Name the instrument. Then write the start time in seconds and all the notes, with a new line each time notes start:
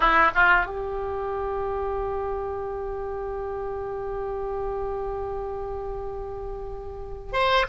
oboe
0.00 E4
0.34 F4
0.66 G4
7.32 C5